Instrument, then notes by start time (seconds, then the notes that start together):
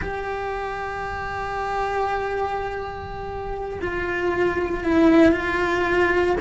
cello
0.01 G4
3.80 F4
4.84 E4
5.31 F4